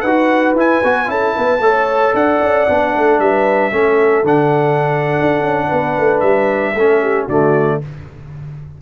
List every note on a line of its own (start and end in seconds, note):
0.00 0.54 D#4
0.00 1.05 B4
0.00 0.53 F#5
0.07 0.56 F#4
0.54 0.80 E4
0.54 0.83 E4
0.54 1.10 G#5
0.84 1.08 B3
0.84 1.06 F#4
1.06 1.35 C#4
1.06 1.59 E4
1.06 1.36 A4
1.06 2.15 A5
1.36 1.60 B3
1.36 1.62 B4
1.60 2.12 A3
1.60 2.68 A4
1.60 2.15 C#5
2.14 2.40 D4
2.14 2.94 D5
2.14 3.20 F#5
2.41 2.68 C#4
2.68 2.95 B3
2.68 3.72 D4
2.94 3.19 A3
2.94 3.20 A4
3.19 3.72 G3
3.19 3.72 B4
3.19 4.25 E5
3.72 4.24 A3
3.72 4.24 C#4
3.72 5.67 A4
4.24 5.16 D3
4.24 6.75 D4
4.24 6.20 F#5
5.21 5.41 D4
5.41 5.67 C#4
5.67 5.98 B3
5.67 6.72 B4
5.98 6.22 A3
6.20 6.75 G3
6.20 7.25 E5
6.75 7.27 A3
6.75 7.29 C#4
6.75 7.02 A4
7.02 7.25 G4
7.25 7.81 D3
7.25 7.82 A3
7.25 7.78 F#4
7.25 7.82 D5